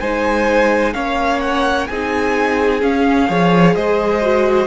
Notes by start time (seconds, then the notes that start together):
0.00 G#3 D#4 C5 G#5
0.94 A#3 C#4 C#5 F5
1.40 F#5
1.87 C4 D#4 G#4 G#5
2.81 C#4 F5
3.28 F3 G#4 C#5
3.76 G#3 C5 D#5
4.22 F#4